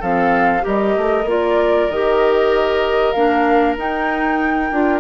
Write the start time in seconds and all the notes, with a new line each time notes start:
0.00 F3 C4 A4 F5
0.61 G3 G4 A#4 D#5
0.96 A3
1.25 A#3 F4 D5
1.89 D#3 G4 D#5
3.12 A#3 D4 F5
3.77 D#4 G5
4.71 D4 F4